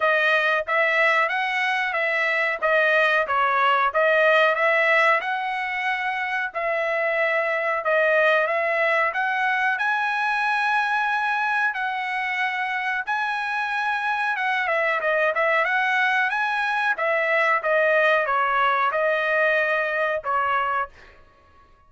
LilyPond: \new Staff \with { instrumentName = "trumpet" } { \time 4/4 \tempo 4 = 92 dis''4 e''4 fis''4 e''4 | dis''4 cis''4 dis''4 e''4 | fis''2 e''2 | dis''4 e''4 fis''4 gis''4~ |
gis''2 fis''2 | gis''2 fis''8 e''8 dis''8 e''8 | fis''4 gis''4 e''4 dis''4 | cis''4 dis''2 cis''4 | }